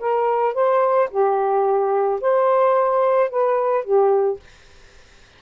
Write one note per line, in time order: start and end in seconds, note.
0.00 0.54 A#4
0.54 1.09 C5
1.11 2.21 G4
2.21 3.30 C5
3.30 3.85 B4
3.85 4.40 G4